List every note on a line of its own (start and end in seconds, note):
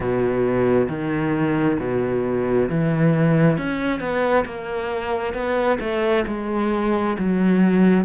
0.00 0.87 B2
0.88 1.78 D#3
1.79 2.69 B2
2.69 3.57 E3
3.57 4.00 C#4
4.00 4.45 B3
4.45 5.33 A#3
5.33 5.78 B3
5.80 6.24 A3
6.27 7.16 G#3
7.18 8.04 F#3